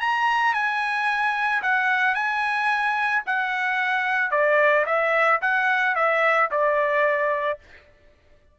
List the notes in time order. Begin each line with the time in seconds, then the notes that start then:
0.00 A#5
0.54 G#5
1.62 F#5
2.14 G#5
3.26 F#5
4.31 D5
4.86 E5
5.41 F#5
5.95 E5
6.51 D5